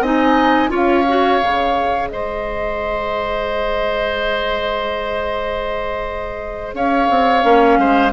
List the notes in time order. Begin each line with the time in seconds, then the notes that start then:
0.00 C4 D#4 D#5 G#5
0.69 C#4 F4 C#5 F5
1.09 F#4
1.41 C#3 G#4
2.08 G#3 C5 D#5
6.74 C#4 C#5 F5
7.10 C4
7.43 A#3 C#4
7.78 G#3 C5